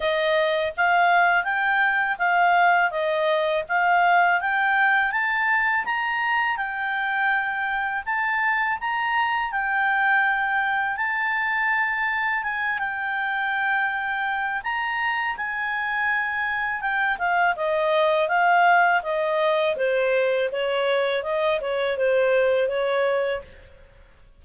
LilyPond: \new Staff \with { instrumentName = "clarinet" } { \time 4/4 \tempo 4 = 82 dis''4 f''4 g''4 f''4 | dis''4 f''4 g''4 a''4 | ais''4 g''2 a''4 | ais''4 g''2 a''4~ |
a''4 gis''8 g''2~ g''8 | ais''4 gis''2 g''8 f''8 | dis''4 f''4 dis''4 c''4 | cis''4 dis''8 cis''8 c''4 cis''4 | }